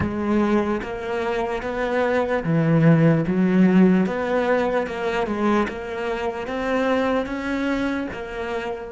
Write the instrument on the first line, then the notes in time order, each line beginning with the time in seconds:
cello
0.00 G#3
0.82 A#3
1.62 B3
2.43 E3
3.27 F#3
4.06 B3
4.86 A#3
5.26 G#3
5.68 A#3
6.47 C4
7.26 C#4
8.12 A#3